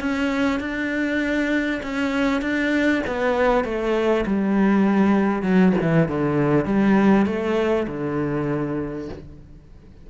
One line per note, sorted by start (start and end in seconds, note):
0.00 0.60 C#4
0.60 1.82 D4
1.83 2.42 C#4
2.42 3.02 D4
3.07 3.64 B3
3.64 4.25 A3
4.26 5.43 G3
5.43 5.73 F#3
5.81 6.09 E3
6.09 6.66 D3
6.66 7.26 G3
7.26 7.87 A3
7.88 9.09 D3